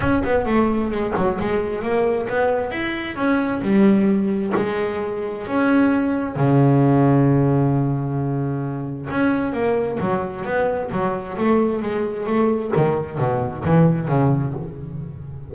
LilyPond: \new Staff \with { instrumentName = "double bass" } { \time 4/4 \tempo 4 = 132 cis'8 b8 a4 gis8 fis8 gis4 | ais4 b4 e'4 cis'4 | g2 gis2 | cis'2 cis2~ |
cis1 | cis'4 ais4 fis4 b4 | fis4 a4 gis4 a4 | dis4 b,4 e4 cis4 | }